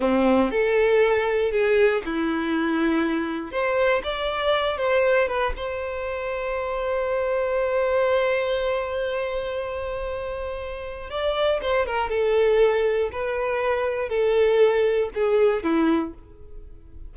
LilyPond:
\new Staff \with { instrumentName = "violin" } { \time 4/4 \tempo 4 = 119 c'4 a'2 gis'4 | e'2. c''4 | d''4. c''4 b'8 c''4~ | c''1~ |
c''1~ | c''2 d''4 c''8 ais'8 | a'2 b'2 | a'2 gis'4 e'4 | }